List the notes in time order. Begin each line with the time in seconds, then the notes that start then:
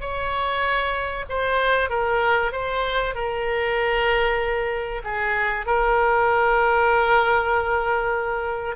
0.00 C#5
1.29 C5
1.89 A#4
2.52 C5
3.14 A#4
5.04 G#4
5.66 A#4